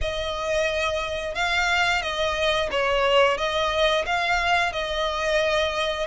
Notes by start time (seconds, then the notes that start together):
0.01 D#5
1.35 F5
2.02 D#5
2.71 C#5
3.37 D#5
4.06 F5
4.72 D#5